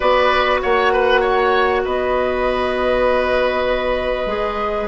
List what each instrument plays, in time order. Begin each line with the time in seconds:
0.00 bassoon B3, clarinet F#4, oboe B4, flute D5
0.62 bassoon A#3, oboe C#5, flute F#5
0.92 oboe B4
1.20 oboe C#5
1.84 bassoon B3, oboe B4, flute D#5
4.26 bassoon G#3, clarinet G#4